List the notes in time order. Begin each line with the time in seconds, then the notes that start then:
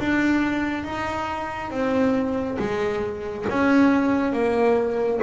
0.00 D4
0.84 D#4
1.71 C4
2.59 G#3
3.49 C#4
4.33 A#3